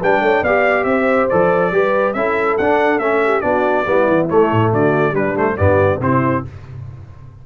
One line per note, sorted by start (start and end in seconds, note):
0.00 0.21 G3
0.00 0.46 D4
0.00 0.21 B4
0.00 0.44 G5
0.21 0.42 A3
0.21 0.43 C#5
0.43 0.84 B3
0.43 1.31 G4
0.43 0.86 D5
0.43 0.84 F5
0.84 1.27 C4
0.84 1.72 C5
0.84 1.27 E5
1.29 1.72 F3
1.29 1.73 A4
1.29 2.13 D5
1.72 2.15 G3
1.72 2.16 G4
1.72 2.16 B4
2.13 2.57 C#4
2.13 2.59 E4
2.13 3.23 A4
2.13 2.56 E5
2.58 2.99 D4
2.58 3.00 D4
2.58 2.99 F#5
2.99 3.42 A3
2.99 3.42 C#4
2.99 3.41 E5
3.25 3.44 G4
3.41 3.86 B3
3.41 3.85 D4
3.41 3.86 F#4
3.41 4.27 D5
3.86 4.08 G3
3.86 4.29 B3
3.86 4.72 E4
4.08 4.29 E3
4.29 5.14 A3
4.29 4.52 A3
4.29 4.72 C#5
4.52 4.73 A2
4.73 5.12 D3
4.73 5.13 F#4
4.73 5.15 D5
5.12 5.55 G3
5.12 5.35 G3
5.12 5.56 D4
5.12 5.37 B4
5.36 5.57 A3
5.36 5.57 C5
5.57 6.00 G2
5.57 6.01 B3
5.57 6.00 G4
5.57 6.00 D5
6.00 6.43 C3
6.00 6.45 C4
6.00 6.46 E4
6.00 6.45 C5